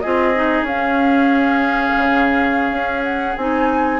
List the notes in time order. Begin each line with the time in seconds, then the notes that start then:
0.00 C4 F4 G#4 D#5
0.35 D#4
0.62 C#4 F5
0.71 C#4
1.97 C#3
2.72 C#4
3.04 F#5
3.36 C4 D#4 G#5